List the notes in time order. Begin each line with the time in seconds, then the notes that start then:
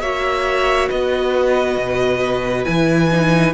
0.00 A#3 F#4 C#5 E5
0.89 B3 B4 D#5
1.77 B2
2.64 E3 E4 G#5
3.11 D#4